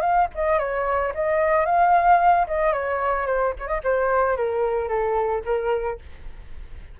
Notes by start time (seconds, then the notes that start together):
0.00 F5
0.34 D#5
0.58 C#5
1.14 D#5
1.65 F5
2.47 D#5
2.72 C#5
3.26 C5
3.59 C#5
3.67 D#5
3.83 C5
4.36 A#4
4.88 A4
5.44 A#4